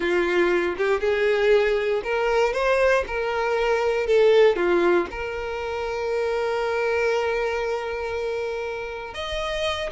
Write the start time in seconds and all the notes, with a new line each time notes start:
0.00 F4
0.77 G4
1.00 G#4
2.03 A#4
2.53 C5
3.07 A#4
4.06 A4
4.56 F4
5.11 A#4
9.13 D#5